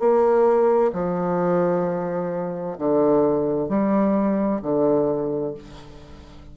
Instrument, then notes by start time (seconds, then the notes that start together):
bassoon
0.00 A#3
0.93 F3
2.78 D3
3.69 G3
4.62 D3